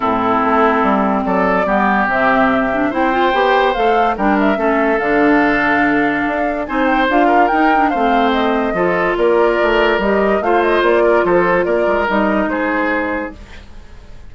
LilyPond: <<
  \new Staff \with { instrumentName = "flute" } { \time 4/4 \tempo 4 = 144 a'2. d''4~ | d''4 e''2 g''4~ | g''4 f''4 g''8 e''4. | f''1 |
gis''8 g''8 f''4 g''4 f''4 | dis''2 d''2 | dis''4 f''8 dis''8 d''4 c''4 | d''4 dis''4 c''2 | }
  \new Staff \with { instrumentName = "oboe" } { \time 4/4 e'2. a'4 | g'2. c''4~ | c''2 ais'4 a'4~ | a'1 |
c''4. ais'4. c''4~ | c''4 a'4 ais'2~ | ais'4 c''4. ais'8 a'4 | ais'2 gis'2 | }
  \new Staff \with { instrumentName = "clarinet" } { \time 4/4 c'1 | b4 c'4. d'8 e'8 f'8 | g'4 a'4 d'4 cis'4 | d'1 |
dis'4 f'4 dis'8 d'8 c'4~ | c'4 f'2. | g'4 f'2.~ | f'4 dis'2. | }
  \new Staff \with { instrumentName = "bassoon" } { \time 4/4 a,4 a4 g4 fis4 | g4 c2 c'4 | b4 a4 g4 a4 | d2. d'4 |
c'4 d'4 dis'4 a4~ | a4 f4 ais4 a4 | g4 a4 ais4 f4 | ais8 gis8 g4 gis2 | }
>>